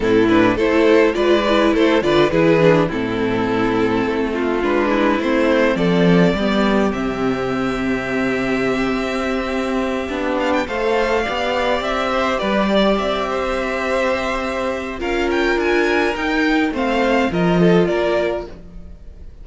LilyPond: <<
  \new Staff \with { instrumentName = "violin" } { \time 4/4 \tempo 4 = 104 a'8 b'8 c''4 d''4 c''8 d''8 | b'4 a'2. | b'4 c''4 d''2 | e''1~ |
e''2 f''16 g''16 f''4.~ | f''8 e''4 d''4 e''4.~ | e''2 f''8 g''8 gis''4 | g''4 f''4 dis''4 d''4 | }
  \new Staff \with { instrumentName = "violin" } { \time 4/4 e'4 a'4 b'4 a'8 b'8 | gis'4 e'2~ e'8 f'8~ | f'8 e'4. a'4 g'4~ | g'1~ |
g'2~ g'8 c''4 d''8~ | d''4 c''8 b'8 d''4 c''4~ | c''2 ais'2~ | ais'4 c''4 ais'8 a'8 ais'4 | }
  \new Staff \with { instrumentName = "viola" } { \time 4/4 c'8 d'8 e'4 f'8 e'4 f'8 | e'8 d'8 c'2. | d'4 c'2 b4 | c'1~ |
c'4. d'4 a'4 g'8~ | g'1~ | g'2 f'2 | dis'4 c'4 f'2 | }
  \new Staff \with { instrumentName = "cello" } { \time 4/4 a,4 a4 gis4 a8 d8 | e4 a,2 a4 | gis4 a4 f4 g4 | c2.~ c8 c'8~ |
c'4. b4 a4 b8~ | b8 c'4 g4 c'4.~ | c'2 cis'4 d'4 | dis'4 a4 f4 ais4 | }
>>